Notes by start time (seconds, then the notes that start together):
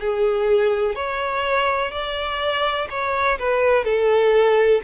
0.00 G#4
0.95 C#5
1.91 D5
2.90 C#5
3.39 B4
3.84 A4